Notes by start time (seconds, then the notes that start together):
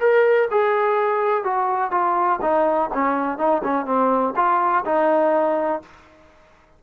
0.00 A#4
0.51 G#4
1.44 F#4
1.91 F4
2.42 D#4
2.93 C#4
3.38 D#4
3.64 C#4
3.85 C4
4.36 F4
4.85 D#4